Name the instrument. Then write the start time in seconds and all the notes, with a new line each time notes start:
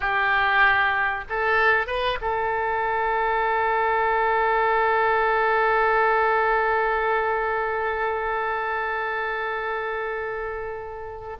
oboe
0.00 G4
1.29 A4
1.86 B4
2.21 A4